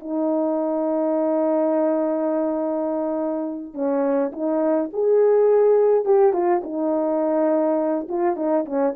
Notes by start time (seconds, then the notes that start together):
0.00 D#4
3.74 C#4
4.32 D#4
4.93 G#4
6.05 G4
6.33 F4
6.63 D#4
8.08 F4
8.36 D#4
8.65 C#4